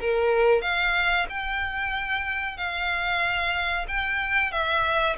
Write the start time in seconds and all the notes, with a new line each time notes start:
0.00 A#4
0.61 F5
1.29 G5
2.57 F5
3.87 G5
4.51 E5